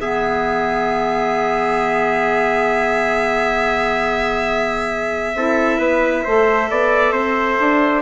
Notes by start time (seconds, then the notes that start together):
0.00 E3 B3 G#4 E5
5.35 C4 E4 A4
5.78 B3 B4
6.24 A3 A4 C5
6.70 B3 D5
7.12 C4 C5
7.60 D4